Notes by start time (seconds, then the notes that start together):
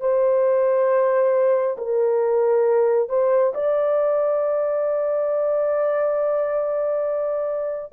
0.00 C5
1.77 A#4
3.09 C5
3.54 D5